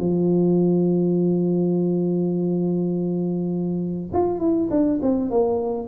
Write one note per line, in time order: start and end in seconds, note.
0.00 4.12 F3
4.14 4.40 F4
4.40 4.69 E4
4.71 5.00 D4
5.02 5.31 C4
5.31 5.88 A#3